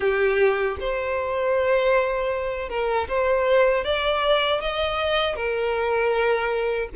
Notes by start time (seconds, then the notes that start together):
0.00 G4
0.79 C5
2.69 A#4
3.08 C5
3.84 D5
4.61 D#5
5.35 A#4